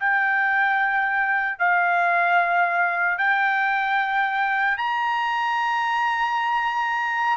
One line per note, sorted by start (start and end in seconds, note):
0.00 1.59 G5
1.59 3.18 F5
3.18 4.78 G5
4.78 7.37 A#5